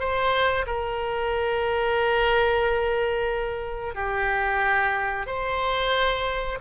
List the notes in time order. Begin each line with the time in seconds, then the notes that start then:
0.00 C5
0.67 A#4
3.95 G4
5.27 C5